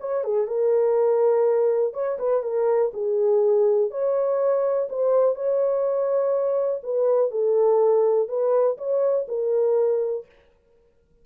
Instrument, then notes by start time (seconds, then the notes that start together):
horn
0.00 C#5
0.24 G#4
0.47 A#4
1.94 C#5
2.19 B4
2.43 A#4
2.94 G#4
3.91 C#5
4.89 C5
5.35 C#5
6.83 B4
7.31 A4
8.28 B4
8.78 C#5
9.28 A#4